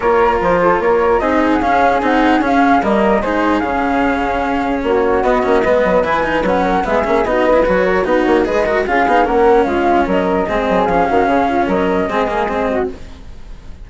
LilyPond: <<
  \new Staff \with { instrumentName = "flute" } { \time 4/4 \tempo 4 = 149 cis''4 c''4 cis''4 dis''8. fis''16 | f''4 fis''4 f''4 dis''4 | c''4 f''2. | cis''4 dis''2 gis''4 |
fis''4 e''4 dis''4 cis''4 | b'8 cis''8 dis''4 f''4 fis''4 | f''4 dis''2 f''4~ | f''4 dis''2. | }
  \new Staff \with { instrumentName = "flute" } { \time 4/4 ais'4. a'8 ais'4 gis'4~ | gis'2. ais'4 | gis'1 | fis'2 b'2~ |
b'8 ais'8 gis'4 fis'8 b'4 ais'8 | fis'4 b'8 ais'8 gis'4 ais'4 | f'4 ais'4 gis'4. fis'8 | gis'8 f'8 ais'4 gis'4. fis'8 | }
  \new Staff \with { instrumentName = "cello" } { \time 4/4 f'2. dis'4 | cis'4 dis'4 cis'4 ais4 | dis'4 cis'2.~ | cis'4 b8 cis'8 b4 e'8 dis'8 |
cis'4 b8 cis'8 dis'8. e'16 fis'4 | dis'4 gis'8 fis'8 f'8 dis'8 cis'4~ | cis'2 c'4 cis'4~ | cis'2 c'8 ais8 c'4 | }
  \new Staff \with { instrumentName = "bassoon" } { \time 4/4 ais4 f4 ais4 c'4 | cis'4 c'4 cis'4 g4 | gis4 cis2. | ais4 b8 ais8 gis8 fis8 e4 |
fis4 gis8 ais8 b4 fis4 | b8 ais8 gis4 cis'8 b8 ais4 | gis4 fis4 gis8 fis8 f8 dis8 | cis4 fis4 gis2 | }
>>